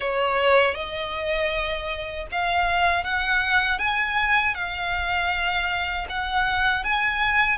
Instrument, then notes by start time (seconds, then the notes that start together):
violin
0.00 C#5
0.74 D#5
2.31 F5
3.04 F#5
3.78 G#5
4.54 F5
6.09 F#5
6.84 G#5